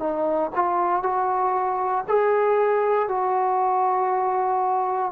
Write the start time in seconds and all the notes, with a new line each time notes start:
0.00 D#4
0.55 F4
1.03 F#4
2.08 G#4
3.09 F#4